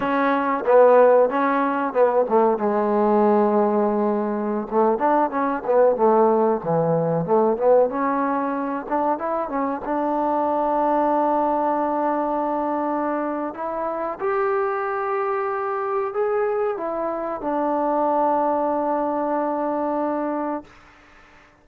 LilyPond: \new Staff \with { instrumentName = "trombone" } { \time 4/4 \tempo 4 = 93 cis'4 b4 cis'4 b8 a8 | gis2.~ gis16 a8 d'16~ | d'16 cis'8 b8 a4 e4 a8 b16~ | b16 cis'4. d'8 e'8 cis'8 d'8.~ |
d'1~ | d'4 e'4 g'2~ | g'4 gis'4 e'4 d'4~ | d'1 | }